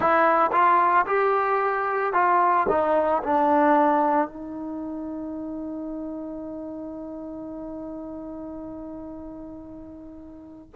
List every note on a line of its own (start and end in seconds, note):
0.00 0.50 E4
0.52 1.05 F4
1.06 2.13 G4
2.13 2.66 F4
2.68 3.22 D#4
3.23 4.27 D4
4.27 10.70 D#4